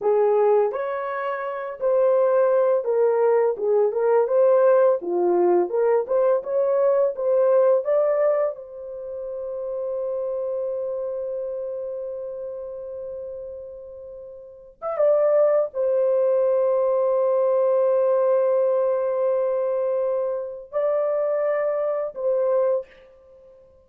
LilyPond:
\new Staff \with { instrumentName = "horn" } { \time 4/4 \tempo 4 = 84 gis'4 cis''4. c''4. | ais'4 gis'8 ais'8 c''4 f'4 | ais'8 c''8 cis''4 c''4 d''4 | c''1~ |
c''1~ | c''8. e''16 d''4 c''2~ | c''1~ | c''4 d''2 c''4 | }